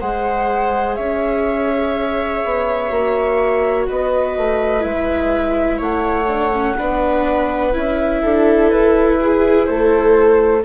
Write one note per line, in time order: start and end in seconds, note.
0.00 0.98 G#3
0.00 2.89 G#4
0.00 0.97 C5
0.00 0.95 F#5
0.95 2.43 C#4
0.95 3.87 C#5
0.95 3.85 E5
2.45 2.91 B3
2.89 3.87 A#3
2.89 4.80 F#4
3.87 4.37 B3
3.87 5.78 B4
3.87 4.83 D#5
4.37 4.84 A3
4.80 5.80 G#3
4.80 6.25 E4
4.80 5.80 E5
5.78 6.77 A3
5.78 6.75 C#5
5.78 7.75 F#5
6.28 6.52 D4
6.53 6.77 C#4
6.78 7.75 B3
6.78 7.73 D4
6.78 8.22 B4
7.73 8.23 C#4
7.73 10.63 E4
7.73 8.70 E5
8.22 8.73 D4
8.22 9.19 A4
8.70 9.69 E4
8.70 9.66 B4
9.20 9.68 G#4
9.66 10.65 A3
9.66 10.65 A4
9.66 10.62 C5